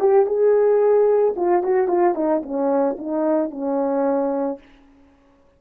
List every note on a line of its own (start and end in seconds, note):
0.00 0.27 G4
0.27 1.35 G#4
1.37 1.63 F4
1.63 1.88 F#4
1.88 2.15 F4
2.15 2.42 D#4
2.43 2.97 C#4
2.99 3.51 D#4
3.51 4.59 C#4